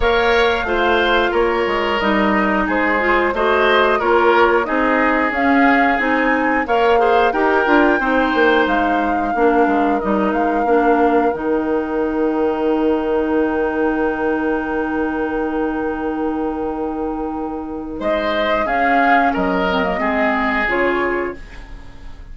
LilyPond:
<<
  \new Staff \with { instrumentName = "flute" } { \time 4/4 \tempo 4 = 90 f''2 cis''4 dis''4 | c''4 dis''4 cis''4 dis''4 | f''4 gis''4 f''4 g''4~ | g''4 f''2 dis''8 f''8~ |
f''4 g''2.~ | g''1~ | g''2. dis''4 | f''4 dis''2 cis''4 | }
  \new Staff \with { instrumentName = "oboe" } { \time 4/4 cis''4 c''4 ais'2 | gis'4 c''4 ais'4 gis'4~ | gis'2 cis''8 c''8 ais'4 | c''2 ais'2~ |
ais'1~ | ais'1~ | ais'2. c''4 | gis'4 ais'4 gis'2 | }
  \new Staff \with { instrumentName = "clarinet" } { \time 4/4 ais'4 f'2 dis'4~ | dis'8 f'8 fis'4 f'4 dis'4 | cis'4 dis'4 ais'8 gis'8 g'8 f'8 | dis'2 d'4 dis'4 |
d'4 dis'2.~ | dis'1~ | dis'1 | cis'4. c'16 ais16 c'4 f'4 | }
  \new Staff \with { instrumentName = "bassoon" } { \time 4/4 ais4 a4 ais8 gis8 g4 | gis4 a4 ais4 c'4 | cis'4 c'4 ais4 dis'8 d'8 | c'8 ais8 gis4 ais8 gis8 g8 gis8 |
ais4 dis2.~ | dis1~ | dis2. gis4 | cis'4 fis4 gis4 cis4 | }
>>